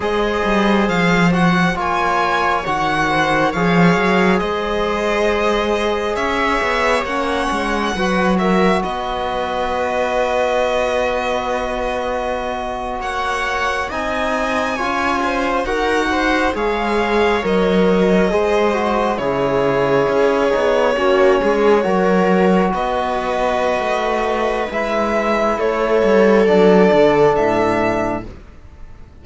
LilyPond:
<<
  \new Staff \with { instrumentName = "violin" } { \time 4/4 \tempo 4 = 68 dis''4 f''8 fis''8 gis''4 fis''4 | f''4 dis''2 e''4 | fis''4. e''8 dis''2~ | dis''2~ dis''8. fis''4 gis''16~ |
gis''4.~ gis''16 fis''4 f''4 dis''16~ | dis''4.~ dis''16 cis''2~ cis''16~ | cis''4.~ cis''16 dis''2~ dis''16 | e''4 cis''4 d''4 e''4 | }
  \new Staff \with { instrumentName = "viola" } { \time 4/4 c''2 cis''4. c''8 | cis''4 c''2 cis''4~ | cis''4 b'8 ais'8 b'2~ | b'2~ b'8. cis''4 dis''16~ |
dis''8. cis''8 c''8 ais'8 c''8 cis''4~ cis''16~ | cis''8. c''4 gis'2 fis'16~ | fis'16 gis'8 ais'4 b'2~ b'16~ | b'4 a'2. | }
  \new Staff \with { instrumentName = "trombone" } { \time 4/4 gis'4. fis'8 f'4 fis'4 | gis'1 | cis'4 fis'2.~ | fis'2.~ fis'8. dis'16~ |
dis'8. f'4 fis'4 gis'4 ais'16~ | ais'8. gis'8 fis'8 e'4. dis'8 cis'16~ | cis'8. fis'2.~ fis'16 | e'2 d'2 | }
  \new Staff \with { instrumentName = "cello" } { \time 4/4 gis8 g8 f4 ais4 dis4 | f8 fis8 gis2 cis'8 b8 | ais8 gis8 fis4 b2~ | b2~ b8. ais4 c'16~ |
c'8. cis'4 dis'4 gis4 fis16~ | fis8. gis4 cis4 cis'8 b8 ais16~ | ais16 gis8 fis4 b4~ b16 a4 | gis4 a8 g8 fis8 d8 a,4 | }
>>